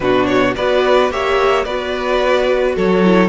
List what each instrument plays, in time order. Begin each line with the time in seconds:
0.00 cello B2, viola D4, violin F#4 B4
0.26 violin C#5
0.56 cello B3, viola F#4, violin B4 D5
1.10 cello A#3, viola G4, violin C#5 E5
1.64 cello B3, viola F#4, violin B4 D5
2.75 cello F#3, violin A4 C#5
3.04 viola E4